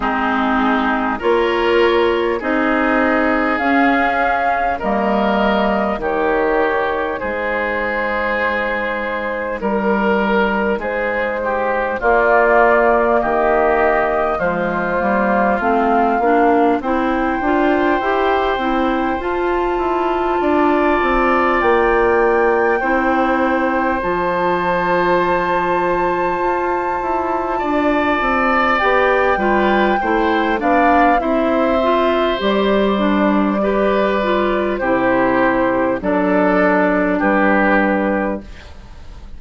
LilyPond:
<<
  \new Staff \with { instrumentName = "flute" } { \time 4/4 \tempo 4 = 50 gis'4 cis''4 dis''4 f''4 | dis''4 cis''4 c''2 | ais'4 c''4 d''4 dis''4 | c''4 f''4 g''2 |
a''2 g''2 | a''1 | g''4. f''8 e''4 d''4~ | d''4 c''4 d''4 b'4 | }
  \new Staff \with { instrumentName = "oboe" } { \time 4/4 dis'4 ais'4 gis'2 | ais'4 g'4 gis'2 | ais'4 gis'8 g'8 f'4 g'4 | f'2 c''2~ |
c''4 d''2 c''4~ | c''2. d''4~ | d''8 b'8 c''8 d''8 c''2 | b'4 g'4 a'4 g'4 | }
  \new Staff \with { instrumentName = "clarinet" } { \time 4/4 c'4 f'4 dis'4 cis'4 | ais4 dis'2.~ | dis'2 ais2 | gis8 ais8 c'8 d'8 e'8 f'8 g'8 e'8 |
f'2. e'4 | f'1 | g'8 f'8 e'8 d'8 e'8 f'8 g'8 d'8 | g'8 f'8 e'4 d'2 | }
  \new Staff \with { instrumentName = "bassoon" } { \time 4/4 gis4 ais4 c'4 cis'4 | g4 dis4 gis2 | g4 gis4 ais4 dis4 | f8 g8 a8 ais8 c'8 d'8 e'8 c'8 |
f'8 e'8 d'8 c'8 ais4 c'4 | f2 f'8 e'8 d'8 c'8 | b8 g8 a8 b8 c'4 g4~ | g4 c4 fis4 g4 | }
>>